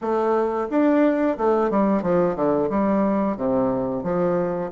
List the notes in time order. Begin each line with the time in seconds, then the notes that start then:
0.01 A3
0.70 D4
1.37 A3
1.70 G3
2.02 F3
2.35 D3
2.69 G3
3.36 C3
4.03 F3